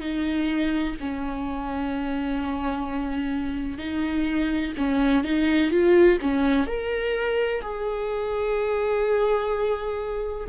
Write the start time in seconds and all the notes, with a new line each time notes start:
0.00 D#4
1.00 C#4
3.78 D#4
4.77 C#4
5.24 D#4
5.71 F4
6.21 C#4
6.67 A#4
7.62 G#4